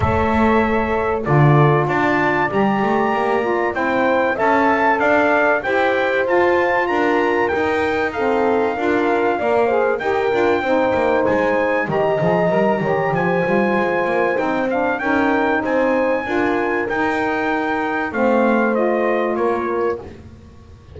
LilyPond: <<
  \new Staff \with { instrumentName = "trumpet" } { \time 4/4 \tempo 4 = 96 e''2 d''4 a''4 | ais''2 g''4 a''4 | f''4 g''4 a''4 ais''4 | g''4 f''2. |
g''2 gis''4 ais''4~ | ais''4 gis''2 g''8 f''8 | g''4 gis''2 g''4~ | g''4 f''4 dis''4 cis''4 | }
  \new Staff \with { instrumentName = "horn" } { \time 4/4 cis''2 a'4 d''4~ | d''2 c''4 e''4 | d''4 c''2 ais'4~ | ais'4 a'4 ais'4 d''8 c''8 |
ais'4 c''2 dis''4~ | dis''8 cis''8 c''2. | ais'4 c''4 ais'2~ | ais'4 c''2 ais'4 | }
  \new Staff \with { instrumentName = "saxophone" } { \time 4/4 a'2 f'2 | g'4. f'8 e'4 a'4~ | a'4 g'4 f'2 | dis'4 c'4 f'4 ais'8 gis'8 |
g'8 f'8 dis'2 g'8 gis'8 | ais'8 g'4 f'4. dis'8 d'8 | dis'2 f'4 dis'4~ | dis'4 c'4 f'2 | }
  \new Staff \with { instrumentName = "double bass" } { \time 4/4 a2 d4 d'4 | g8 a8 ais4 c'4 cis'4 | d'4 e'4 f'4 d'4 | dis'2 d'4 ais4 |
dis'8 d'8 c'8 ais8 gis4 dis8 f8 | g8 dis8 f8 g8 gis8 ais8 c'4 | cis'4 c'4 d'4 dis'4~ | dis'4 a2 ais4 | }
>>